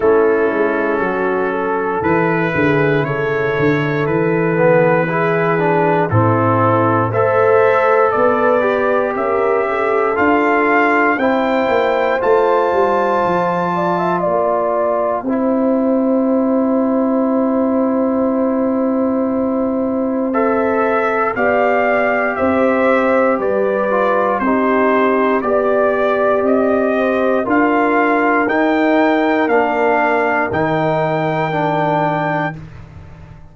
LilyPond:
<<
  \new Staff \with { instrumentName = "trumpet" } { \time 4/4 \tempo 4 = 59 a'2 b'4 cis''4 | b'2 a'4 e''4 | d''4 e''4 f''4 g''4 | a''2 g''2~ |
g''1 | e''4 f''4 e''4 d''4 | c''4 d''4 dis''4 f''4 | g''4 f''4 g''2 | }
  \new Staff \with { instrumentName = "horn" } { \time 4/4 e'4 fis'8 a'4 gis'8 a'4~ | a'4 gis'4 e'4 c''4 | b'4 ais'8 a'4. c''4~ | c''4. d''16 e''16 d''4 c''4~ |
c''1~ | c''4 d''4 c''4 b'4 | g'4 d''4. c''8 ais'4~ | ais'1 | }
  \new Staff \with { instrumentName = "trombone" } { \time 4/4 cis'2 e'2~ | e'8 b8 e'8 d'8 c'4 a'4~ | a'8 g'4. f'4 e'4 | f'2. e'4~ |
e'1 | a'4 g'2~ g'8 f'8 | dis'4 g'2 f'4 | dis'4 d'4 dis'4 d'4 | }
  \new Staff \with { instrumentName = "tuba" } { \time 4/4 a8 gis8 fis4 e8 d8 cis8 d8 | e2 a,4 a4 | b4 cis'4 d'4 c'8 ais8 | a8 g8 f4 ais4 c'4~ |
c'1~ | c'4 b4 c'4 g4 | c'4 b4 c'4 d'4 | dis'4 ais4 dis2 | }
>>